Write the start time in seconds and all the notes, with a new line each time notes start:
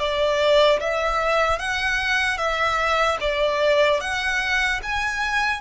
0.00 D5
0.80 E5
1.59 F#5
2.38 E5
3.21 D5
4.01 F#5
4.83 G#5